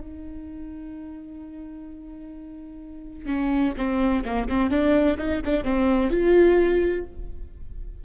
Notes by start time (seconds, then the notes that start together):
0.00 D#4
3.26 C#4
3.77 C4
4.24 A#3
4.48 C4
4.70 D4
5.17 D#4
5.44 D4
5.64 C4
6.10 F4